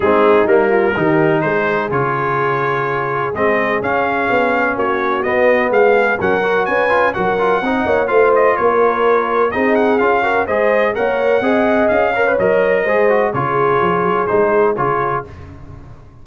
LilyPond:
<<
  \new Staff \with { instrumentName = "trumpet" } { \time 4/4 \tempo 4 = 126 gis'4 ais'2 c''4 | cis''2. dis''4 | f''2 cis''4 dis''4 | f''4 fis''4 gis''4 fis''4~ |
fis''4 f''8 dis''8 cis''2 | dis''8 fis''8 f''4 dis''4 fis''4~ | fis''4 f''4 dis''2 | cis''2 c''4 cis''4 | }
  \new Staff \with { instrumentName = "horn" } { \time 4/4 dis'4. f'8 g'4 gis'4~ | gis'1~ | gis'2 fis'2 | gis'4 ais'4 b'4 ais'4 |
dis''8 cis''8 c''4 ais'2 | gis'4. ais'8 c''4 cis''4 | dis''4. cis''4. c''4 | gis'1 | }
  \new Staff \with { instrumentName = "trombone" } { \time 4/4 c'4 ais4 dis'2 | f'2. c'4 | cis'2. b4~ | b4 cis'8 fis'4 f'8 fis'8 f'8 |
dis'4 f'2. | dis'4 f'8 fis'8 gis'4 ais'4 | gis'4. ais'16 b'16 ais'4 gis'8 fis'8 | f'2 dis'4 f'4 | }
  \new Staff \with { instrumentName = "tuba" } { \time 4/4 gis4 g4 dis4 gis4 | cis2. gis4 | cis'4 b4 ais4 b4 | gis4 fis4 cis'4 fis4 |
c'8 ais8 a4 ais2 | c'4 cis'4 gis4 ais4 | c'4 cis'4 fis4 gis4 | cis4 f8 fis8 gis4 cis4 | }
>>